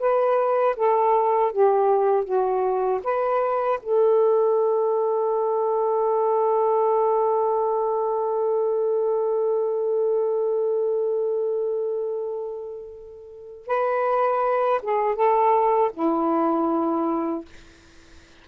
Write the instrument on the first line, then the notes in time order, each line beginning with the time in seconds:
saxophone
0.00 B4
0.77 A4
1.52 G4
2.25 F#4
3.04 B4
3.83 A4
13.67 B4
14.83 G#4
15.16 A4
15.94 E4